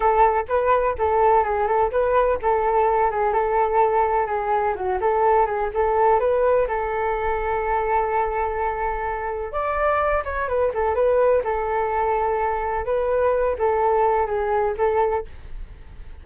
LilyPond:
\new Staff \with { instrumentName = "flute" } { \time 4/4 \tempo 4 = 126 a'4 b'4 a'4 gis'8 a'8 | b'4 a'4. gis'8 a'4~ | a'4 gis'4 fis'8 a'4 gis'8 | a'4 b'4 a'2~ |
a'1 | d''4. cis''8 b'8 a'8 b'4 | a'2. b'4~ | b'8 a'4. gis'4 a'4 | }